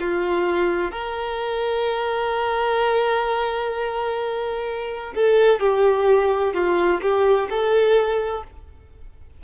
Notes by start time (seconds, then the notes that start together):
0.00 F4
0.91 A#4
5.15 A4
5.60 G4
6.54 F4
7.01 G4
7.50 A4